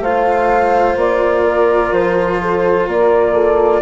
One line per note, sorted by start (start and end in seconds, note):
0.00 0.95 A3
0.00 3.82 F4
0.00 1.44 C5
0.00 0.97 F5
0.96 1.91 A#3
0.96 1.93 D5
1.44 2.39 A#4
1.92 2.87 F3
1.92 2.88 C5
2.41 2.87 A4
2.87 3.82 A#3
2.87 3.33 A#4
2.87 3.82 D5
3.33 3.81 A4